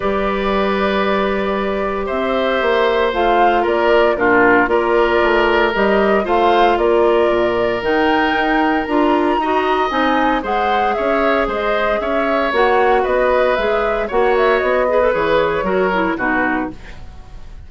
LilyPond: <<
  \new Staff \with { instrumentName = "flute" } { \time 4/4 \tempo 4 = 115 d''1 | e''2 f''4 d''4 | ais'4 d''2 dis''4 | f''4 d''2 g''4~ |
g''4 ais''2 gis''4 | fis''4 e''4 dis''4 e''4 | fis''4 dis''4 e''4 fis''8 e''8 | dis''4 cis''2 b'4 | }
  \new Staff \with { instrumentName = "oboe" } { \time 4/4 b'1 | c''2. ais'4 | f'4 ais'2. | c''4 ais'2.~ |
ais'2 dis''2 | c''4 cis''4 c''4 cis''4~ | cis''4 b'2 cis''4~ | cis''8 b'4. ais'4 fis'4 | }
  \new Staff \with { instrumentName = "clarinet" } { \time 4/4 g'1~ | g'2 f'2 | d'4 f'2 g'4 | f'2. dis'4~ |
dis'4 f'4 fis'4 dis'4 | gis'1 | fis'2 gis'4 fis'4~ | fis'8 gis'16 a'16 gis'4 fis'8 e'8 dis'4 | }
  \new Staff \with { instrumentName = "bassoon" } { \time 4/4 g1 | c'4 ais4 a4 ais4 | ais,4 ais4 a4 g4 | a4 ais4 ais,4 dis4 |
dis'4 d'4 dis'4 c'4 | gis4 cis'4 gis4 cis'4 | ais4 b4 gis4 ais4 | b4 e4 fis4 b,4 | }
>>